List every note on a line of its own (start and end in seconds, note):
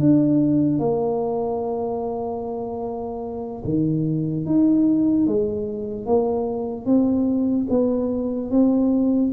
0.00 0.80 D4
0.80 3.63 A#3
3.65 4.46 D#3
4.46 5.27 D#4
5.27 6.06 G#3
6.06 6.86 A#3
6.86 7.67 C4
7.70 8.51 B3
8.51 9.32 C4